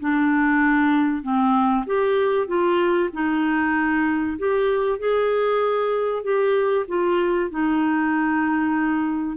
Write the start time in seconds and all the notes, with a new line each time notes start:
0.00 D4
1.22 C4
1.86 G4
2.47 F4
3.13 D#4
4.38 G4
4.99 G#4
6.23 G4
6.88 F4
7.51 D#4